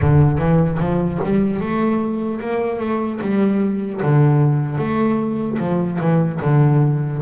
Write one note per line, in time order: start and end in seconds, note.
0.01 0.38 D3
0.38 0.78 E3
0.79 1.19 F3
1.24 1.60 G3
1.60 2.40 A3
2.40 2.79 A#3
2.79 3.19 A3
3.21 4.01 G3
4.02 4.77 D3
4.77 5.57 A3
5.59 5.99 F3
6.00 6.40 E3
6.41 7.21 D3